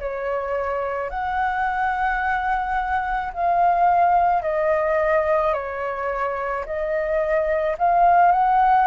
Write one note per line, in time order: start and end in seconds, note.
0.00 1.10 C#5
1.10 3.32 F#5
3.34 4.43 F5
4.43 5.54 D#5
5.54 6.65 C#5
6.66 7.77 D#5
7.79 8.32 F5
8.32 8.87 F#5